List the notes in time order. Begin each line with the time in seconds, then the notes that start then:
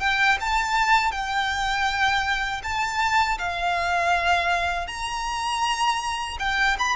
0.00 G5
0.40 A5
1.11 G5
2.63 A5
3.38 F5
4.87 A#5
6.39 G5
6.78 B5